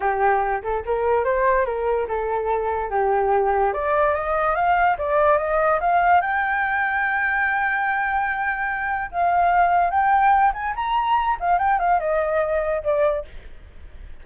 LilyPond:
\new Staff \with { instrumentName = "flute" } { \time 4/4 \tempo 4 = 145 g'4. a'8 ais'4 c''4 | ais'4 a'2 g'4~ | g'4 d''4 dis''4 f''4 | d''4 dis''4 f''4 g''4~ |
g''1~ | g''2 f''2 | g''4. gis''8 ais''4. f''8 | g''8 f''8 dis''2 d''4 | }